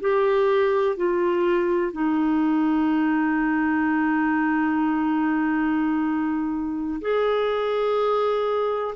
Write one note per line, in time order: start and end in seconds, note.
0.00 0.96 G4
0.96 1.92 F4
1.92 7.00 D#4
7.01 8.95 G#4